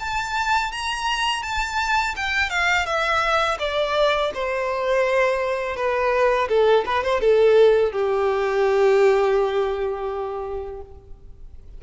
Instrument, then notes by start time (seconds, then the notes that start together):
violin
0.00 A5
0.72 A#5
1.43 A5
2.17 G5
2.50 F5
2.86 E5
3.59 D5
4.35 C5
5.76 B4
6.49 A4
6.86 B4
7.04 C5
7.21 A4
7.93 G4